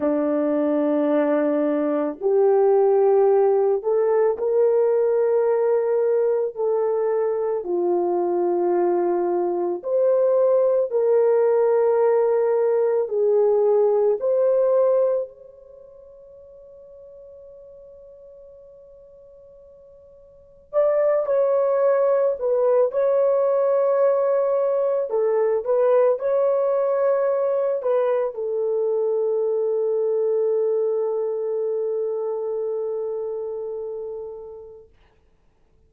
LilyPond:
\new Staff \with { instrumentName = "horn" } { \time 4/4 \tempo 4 = 55 d'2 g'4. a'8 | ais'2 a'4 f'4~ | f'4 c''4 ais'2 | gis'4 c''4 cis''2~ |
cis''2. d''8 cis''8~ | cis''8 b'8 cis''2 a'8 b'8 | cis''4. b'8 a'2~ | a'1 | }